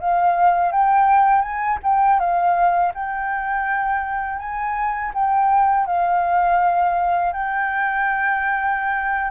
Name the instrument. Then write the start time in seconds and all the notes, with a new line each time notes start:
flute
0.00 F5
0.72 G5
1.42 G#5
1.83 G5
2.20 F5
2.95 G5
4.39 G#5
5.14 G5
5.86 F5
7.33 G5